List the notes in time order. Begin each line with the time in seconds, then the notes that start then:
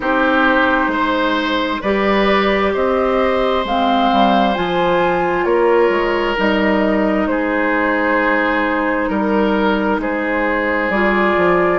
0.00 C4 D#4 G4 C5
0.87 G#3 C5
1.81 G3 G4 B4 D5
2.73 C4 C5 D#5
3.64 G#3 C4 F5
4.12 G3
4.54 F3 F4 G#5
5.44 A#3 A#4 C#5
5.89 G#3
6.36 G3 D#4 D#5
7.26 G#3 G#4 C5
9.08 G3 A#4
9.98 G#3 G#4 C5
10.89 G3 F4 D5
11.36 F3